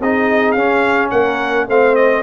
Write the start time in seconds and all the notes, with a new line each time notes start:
0.00 C4 D#4 G#4 D#5
0.52 C#4 F5
1.11 A#3 A#4 F#5
1.69 A3 C4 C5 F5
1.96 D#5